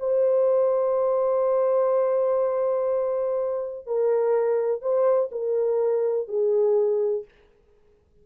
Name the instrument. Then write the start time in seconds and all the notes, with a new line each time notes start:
horn
0.00 C5
3.87 A#4
4.82 C5
5.32 A#4
6.28 G#4